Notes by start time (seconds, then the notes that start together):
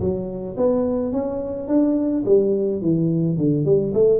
0.00 F#3
0.57 B3
1.12 C#4
1.68 D4
2.26 G3
2.81 E3
3.37 D3
3.65 G3
3.94 A3